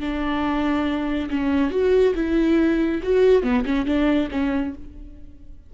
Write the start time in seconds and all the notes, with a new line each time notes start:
0.00 D4
1.30 C#4
1.71 F#4
2.15 E4
3.03 F#4
3.43 B3
3.65 C#4
3.86 D4
4.31 C#4